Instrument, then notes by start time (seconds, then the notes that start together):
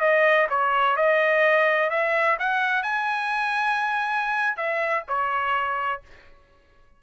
trumpet
0.00 D#5
0.49 C#5
0.96 D#5
1.90 E5
2.39 F#5
2.83 G#5
4.56 E5
5.08 C#5